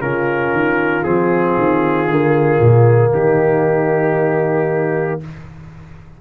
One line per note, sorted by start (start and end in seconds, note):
0.00 0.52 C#3
0.00 1.03 C#4
0.00 3.11 F4
0.00 1.03 A#4
0.52 1.04 D#3
1.03 1.56 F3
1.03 2.06 C4
1.03 3.10 G#4
1.57 2.07 D#3
2.07 2.58 D3
2.07 5.20 A#3
2.60 3.12 A#2
3.13 5.20 D#3
3.13 5.20 D#4
3.13 5.20 G4